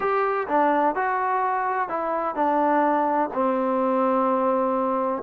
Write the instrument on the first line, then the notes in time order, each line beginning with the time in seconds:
trombone
0.00 G4
0.47 D4
0.95 F#4
1.89 E4
2.35 D4
3.33 C4